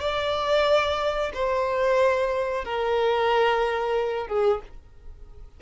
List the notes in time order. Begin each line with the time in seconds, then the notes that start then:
0.00 D5
1.34 C5
2.64 A#4
4.27 G#4